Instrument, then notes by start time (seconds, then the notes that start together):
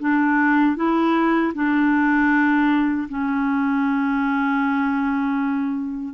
clarinet
0.00 D4
0.76 E4
1.55 D4
3.09 C#4